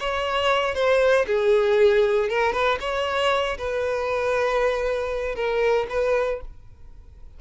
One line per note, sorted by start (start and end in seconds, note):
0.00 0.75 C#5
0.75 1.26 C5
1.27 2.29 G#4
2.29 2.53 A#4
2.53 2.78 B4
2.80 3.57 C#5
3.58 5.35 B4
5.35 5.87 A#4
5.90 6.41 B4